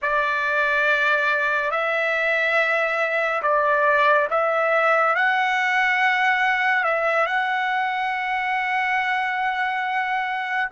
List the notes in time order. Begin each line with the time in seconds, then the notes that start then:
0.02 D5
1.70 E5
3.42 D5
4.30 E5
5.15 F#5
6.83 E5
7.26 F#5